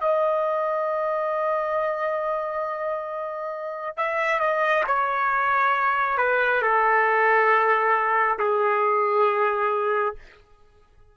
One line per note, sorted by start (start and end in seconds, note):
0.00 3.97 D#5
3.97 4.39 E5
4.39 4.83 D#5
4.86 6.17 C#5
6.17 6.61 B4
6.61 8.38 A4
8.38 10.15 G#4